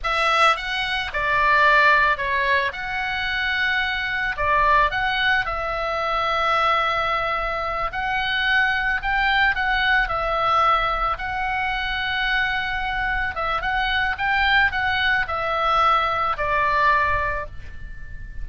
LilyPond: \new Staff \with { instrumentName = "oboe" } { \time 4/4 \tempo 4 = 110 e''4 fis''4 d''2 | cis''4 fis''2. | d''4 fis''4 e''2~ | e''2~ e''8 fis''4.~ |
fis''8 g''4 fis''4 e''4.~ | e''8 fis''2.~ fis''8~ | fis''8 e''8 fis''4 g''4 fis''4 | e''2 d''2 | }